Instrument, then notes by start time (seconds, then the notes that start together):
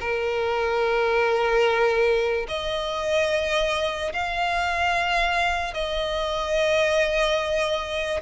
violin
0.00 A#4
2.48 D#5
4.13 F5
5.73 D#5